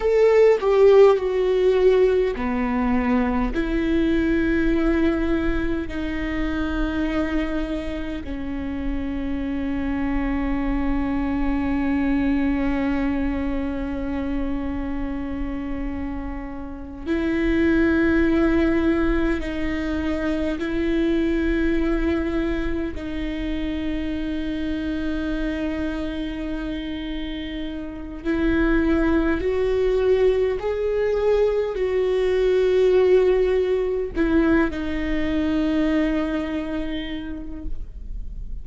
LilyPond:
\new Staff \with { instrumentName = "viola" } { \time 4/4 \tempo 4 = 51 a'8 g'8 fis'4 b4 e'4~ | e'4 dis'2 cis'4~ | cis'1~ | cis'2~ cis'8 e'4.~ |
e'8 dis'4 e'2 dis'8~ | dis'1 | e'4 fis'4 gis'4 fis'4~ | fis'4 e'8 dis'2~ dis'8 | }